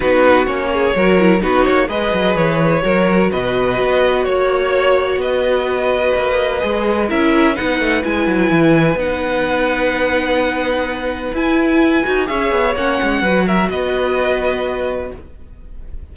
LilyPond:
<<
  \new Staff \with { instrumentName = "violin" } { \time 4/4 \tempo 4 = 127 b'4 cis''2 b'8 cis''8 | dis''4 cis''2 dis''4~ | dis''4 cis''2 dis''4~ | dis''2. e''4 |
fis''4 gis''2 fis''4~ | fis''1 | gis''2 e''4 fis''4~ | fis''8 e''8 dis''2. | }
  \new Staff \with { instrumentName = "violin" } { \time 4/4 fis'4. gis'8 ais'4 fis'4 | b'2 ais'4 b'4~ | b'4 cis''2 b'4~ | b'2. ais'4 |
b'1~ | b'1~ | b'2 cis''2 | b'8 ais'8 b'2. | }
  \new Staff \with { instrumentName = "viola" } { \time 4/4 dis'4 cis'4 fis'8 e'8 dis'4 | gis'2 fis'2~ | fis'1~ | fis'2 gis'4 e'4 |
dis'4 e'2 dis'4~ | dis'1 | e'4. fis'8 gis'4 cis'4 | fis'1 | }
  \new Staff \with { instrumentName = "cello" } { \time 4/4 b4 ais4 fis4 b8 ais8 | gis8 fis8 e4 fis4 b,4 | b4 ais2 b4~ | b4 ais4 gis4 cis'4 |
b8 a8 gis8 fis8 e4 b4~ | b1 | e'4. dis'8 cis'8 b8 ais8 gis8 | fis4 b2. | }
>>